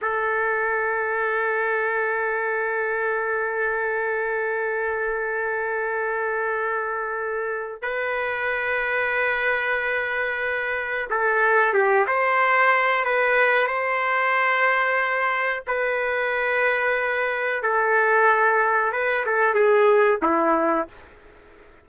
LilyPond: \new Staff \with { instrumentName = "trumpet" } { \time 4/4 \tempo 4 = 92 a'1~ | a'1~ | a'1 | b'1~ |
b'4 a'4 g'8 c''4. | b'4 c''2. | b'2. a'4~ | a'4 b'8 a'8 gis'4 e'4 | }